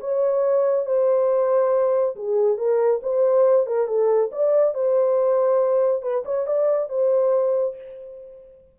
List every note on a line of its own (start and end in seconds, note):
0.00 0.86 C#5
0.86 2.15 C5
2.15 2.57 G#4
2.57 3.00 A#4
3.02 3.67 C5
3.67 3.87 A#4
3.87 4.30 A4
4.32 4.74 D5
4.74 6.02 C5
6.02 6.24 B4
6.25 6.46 C#5
6.46 6.89 D5
6.89 7.75 C5